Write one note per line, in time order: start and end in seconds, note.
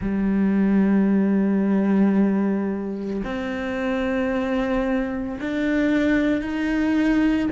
0.01 3.22 G3
3.24 5.39 C4
5.40 6.41 D4
6.41 7.49 D#4